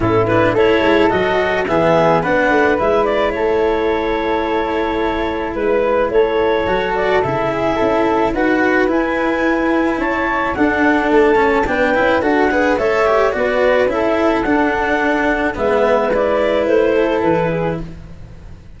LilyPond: <<
  \new Staff \with { instrumentName = "clarinet" } { \time 4/4 \tempo 4 = 108 a'8 b'8 cis''4 dis''4 e''4 | fis''4 e''8 d''8 cis''2~ | cis''2 b'4 cis''4~ | cis''8 d''8 e''2 fis''4 |
gis''2 a''4 fis''4 | a''4 g''4 fis''4 e''4 | d''4 e''4 fis''2 | e''4 d''4 c''4 b'4 | }
  \new Staff \with { instrumentName = "flute" } { \time 4/4 e'4 a'2 gis'4 | b'2 a'2~ | a'2 b'4 a'4~ | a'4. gis'8 a'4 b'4~ |
b'2 cis''4 a'4~ | a'4 b'4 a'8 b'8 cis''4 | b'4 a'2. | b'2~ b'8 a'4 gis'8 | }
  \new Staff \with { instrumentName = "cello" } { \time 4/4 cis'8 d'8 e'4 fis'4 b4 | d'4 e'2.~ | e'1 | fis'4 e'2 fis'4 |
e'2. d'4~ | d'8 cis'8 d'8 e'8 fis'8 gis'8 a'8 g'8 | fis'4 e'4 d'2 | b4 e'2. | }
  \new Staff \with { instrumentName = "tuba" } { \time 4/4 a,4 a8 gis8 fis4 e4 | b8 a8 gis4 a2~ | a2 gis4 a4 | fis4 cis4 cis'4 dis'4 |
e'2 cis'4 d'4 | a4 b8 cis'8 d'4 a4 | b4 cis'4 d'2 | gis2 a4 e4 | }
>>